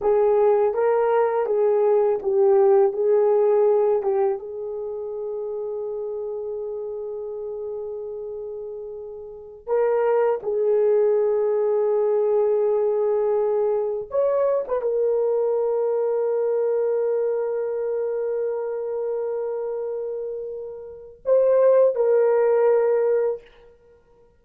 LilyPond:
\new Staff \with { instrumentName = "horn" } { \time 4/4 \tempo 4 = 82 gis'4 ais'4 gis'4 g'4 | gis'4. g'8 gis'2~ | gis'1~ | gis'4~ gis'16 ais'4 gis'4.~ gis'16~ |
gis'2.~ gis'16 cis''8. | b'16 ais'2.~ ais'8.~ | ais'1~ | ais'4 c''4 ais'2 | }